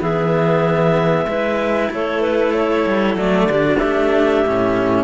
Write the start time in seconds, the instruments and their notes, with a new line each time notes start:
0.00 cello E3 B3, clarinet G#4 E5
1.26 cello G#3 E4, clarinet B4
1.91 cello A3, clarinet A4 C#5
2.21 clarinet B4
2.54 clarinet C#5
2.87 cello G3
3.15 cello F#3 A3, clarinet D5
3.45 cello D3, clarinet G4
3.51 cello D4
3.65 clarinet F#4
3.78 cello A3, clarinet G4 E5
4.46 cello A2 C#4